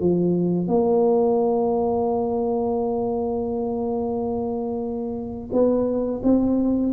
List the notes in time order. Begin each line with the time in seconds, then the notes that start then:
0.00 F3
0.67 A#3
5.52 B3
6.23 C4